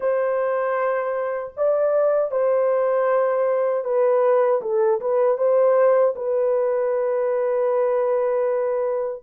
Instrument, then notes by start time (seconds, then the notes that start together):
horn
0.00 C5
1.57 D5
2.31 C5
3.84 B4
4.62 A4
5.00 B4
5.37 C5
6.15 B4